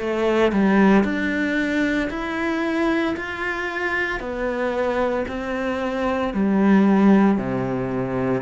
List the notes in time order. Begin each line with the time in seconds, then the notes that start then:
0.00 A3
0.52 G3
1.04 D4
2.10 E4
3.16 F4
4.20 B3
5.28 C4
6.33 G3
7.38 C3